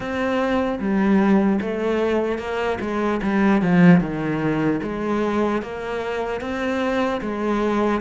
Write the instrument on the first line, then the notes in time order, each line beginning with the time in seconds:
cello
0.00 C4
0.79 G3
1.61 A3
2.38 A#3
2.80 G#3
3.22 G3
3.61 F3
4.00 D#3
4.82 G#3
5.62 A#3
6.40 C4
7.21 G#3